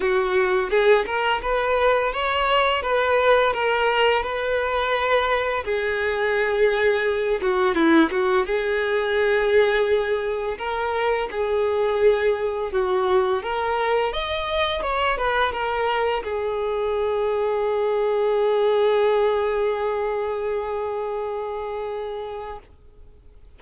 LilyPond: \new Staff \with { instrumentName = "violin" } { \time 4/4 \tempo 4 = 85 fis'4 gis'8 ais'8 b'4 cis''4 | b'4 ais'4 b'2 | gis'2~ gis'8 fis'8 e'8 fis'8 | gis'2. ais'4 |
gis'2 fis'4 ais'4 | dis''4 cis''8 b'8 ais'4 gis'4~ | gis'1~ | gis'1 | }